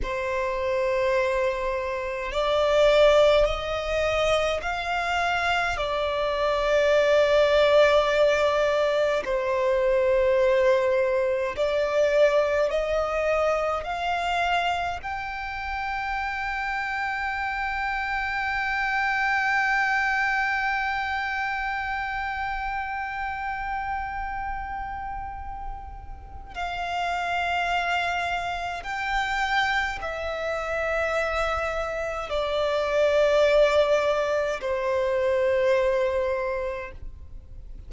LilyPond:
\new Staff \with { instrumentName = "violin" } { \time 4/4 \tempo 4 = 52 c''2 d''4 dis''4 | f''4 d''2. | c''2 d''4 dis''4 | f''4 g''2.~ |
g''1~ | g''2. f''4~ | f''4 g''4 e''2 | d''2 c''2 | }